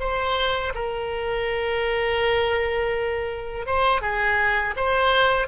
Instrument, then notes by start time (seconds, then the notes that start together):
oboe
0.00 C5
0.75 A#4
3.67 C5
4.01 G#4
4.76 C5